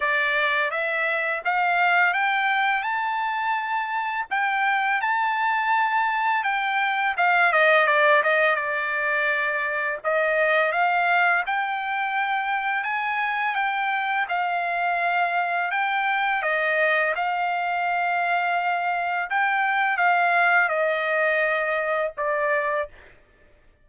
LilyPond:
\new Staff \with { instrumentName = "trumpet" } { \time 4/4 \tempo 4 = 84 d''4 e''4 f''4 g''4 | a''2 g''4 a''4~ | a''4 g''4 f''8 dis''8 d''8 dis''8 | d''2 dis''4 f''4 |
g''2 gis''4 g''4 | f''2 g''4 dis''4 | f''2. g''4 | f''4 dis''2 d''4 | }